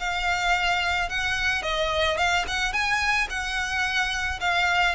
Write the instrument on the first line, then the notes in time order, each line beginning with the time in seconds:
violin
0.00 F5
1.10 F#5
1.63 D#5
2.18 F5
2.48 F#5
2.73 G#5
3.30 F#5
4.41 F5